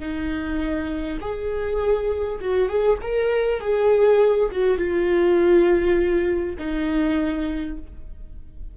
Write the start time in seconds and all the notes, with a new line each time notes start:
0.00 D#4
1.21 G#4
2.41 F#4
2.69 G#4
3.02 A#4
3.61 G#4
4.52 F#4
4.78 F4
6.59 D#4